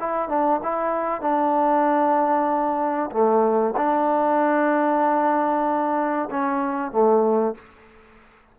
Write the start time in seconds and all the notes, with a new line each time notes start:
0.00 E4
0.29 D4
0.63 E4
1.21 D4
3.12 A3
3.77 D4
6.31 C#4
6.92 A3